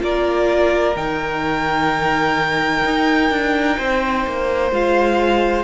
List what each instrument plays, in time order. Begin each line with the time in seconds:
0.00 cello A#3, viola F4, violin A#4 D5
0.97 cello D#3, viola D#4, violin G5
2.86 cello D#4
3.31 cello D4
3.78 cello C4, violin C5
4.27 cello A#3
4.72 cello G#3, viola F4, violin F5